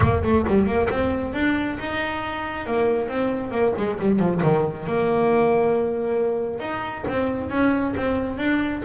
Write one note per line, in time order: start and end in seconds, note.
0.00 0.22 A#3
0.23 0.45 A3
0.47 0.66 G3
0.66 0.88 A#3
0.89 1.33 C4
1.33 1.77 D4
1.79 2.66 D#4
2.66 3.08 A#3
3.08 3.51 C4
3.51 3.73 A#3
3.77 3.99 G#3
3.99 4.19 G3
4.19 4.41 F3
4.42 4.86 D#3
4.86 6.60 A#3
6.60 7.04 D#4
7.08 7.50 C4
7.50 7.94 C#4
7.96 8.38 C4
8.38 8.82 D4